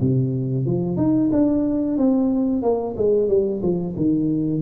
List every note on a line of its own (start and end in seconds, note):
0.00 0.65 C3
0.65 0.97 F3
0.97 1.30 D#4
1.32 1.97 D4
1.97 2.62 C4
2.62 2.95 A#3
2.96 3.28 G#3
3.28 3.61 G3
3.62 3.95 F3
3.96 4.61 D#3